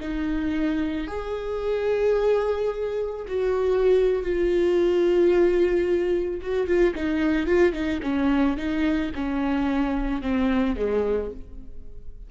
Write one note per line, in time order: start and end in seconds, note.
0.00 1.08 D#4
1.08 3.26 G#4
3.28 4.23 F#4
4.23 6.41 F4
6.42 6.67 F#4
6.67 6.94 F4
6.95 7.47 D#4
7.47 7.73 F4
7.73 8.00 D#4
8.03 8.57 C#4
8.57 9.11 D#4
9.15 10.22 C#4
10.22 10.76 C4
10.76 11.31 G#3